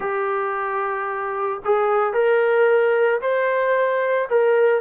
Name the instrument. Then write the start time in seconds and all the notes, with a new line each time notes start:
trombone
0.00 G4
1.65 G#4
2.13 A#4
3.21 C5
4.29 A#4